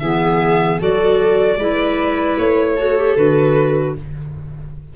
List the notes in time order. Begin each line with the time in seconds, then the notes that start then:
0.00 E3 B3 G#4 E5
0.80 F#3 F#4 A4 D5
1.57 G#3 E4 B4
2.38 A3 C#5
2.76 F#4 A4
2.98 G4
3.17 D3 F#4 B4